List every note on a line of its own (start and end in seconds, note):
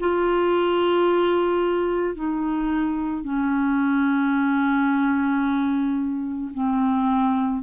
0.00 2.15 F4
2.15 3.24 D#4
3.24 6.52 C#4
6.54 7.63 C4